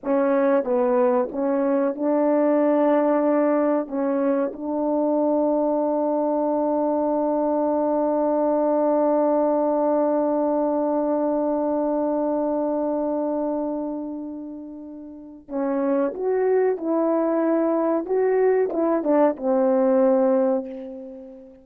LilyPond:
\new Staff \with { instrumentName = "horn" } { \time 4/4 \tempo 4 = 93 cis'4 b4 cis'4 d'4~ | d'2 cis'4 d'4~ | d'1~ | d'1~ |
d'1~ | d'1 | cis'4 fis'4 e'2 | fis'4 e'8 d'8 c'2 | }